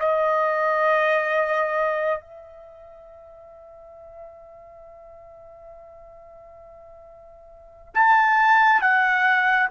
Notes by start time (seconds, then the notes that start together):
0.00 D#5
2.21 E5
7.95 A5
8.82 F#5